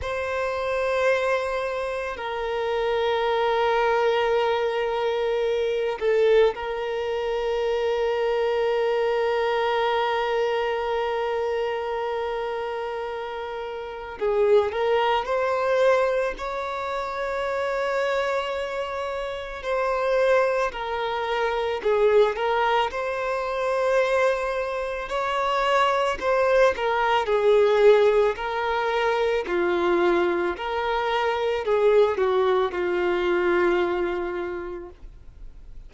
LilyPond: \new Staff \with { instrumentName = "violin" } { \time 4/4 \tempo 4 = 55 c''2 ais'2~ | ais'4. a'8 ais'2~ | ais'1~ | ais'4 gis'8 ais'8 c''4 cis''4~ |
cis''2 c''4 ais'4 | gis'8 ais'8 c''2 cis''4 | c''8 ais'8 gis'4 ais'4 f'4 | ais'4 gis'8 fis'8 f'2 | }